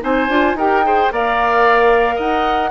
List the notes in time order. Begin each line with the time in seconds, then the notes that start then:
0.00 C4 D#4 C5 G#5
0.28 D4 F4
0.54 D#4 G4 A#4 G5
0.84 G#4 C5
1.11 A#3 A#4 D5 F5
2.15 D#4 D#5 F#5